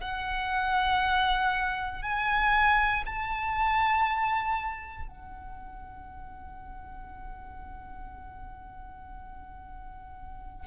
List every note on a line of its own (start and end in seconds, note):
0.00 2.02 F#5
2.02 3.03 G#5
3.05 5.08 A5
5.08 10.66 F#5